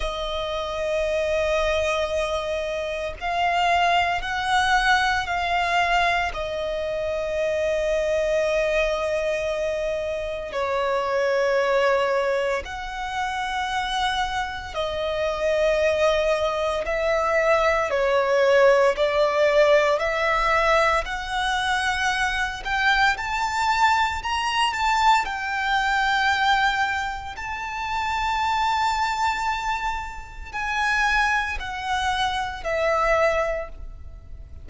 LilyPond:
\new Staff \with { instrumentName = "violin" } { \time 4/4 \tempo 4 = 57 dis''2. f''4 | fis''4 f''4 dis''2~ | dis''2 cis''2 | fis''2 dis''2 |
e''4 cis''4 d''4 e''4 | fis''4. g''8 a''4 ais''8 a''8 | g''2 a''2~ | a''4 gis''4 fis''4 e''4 | }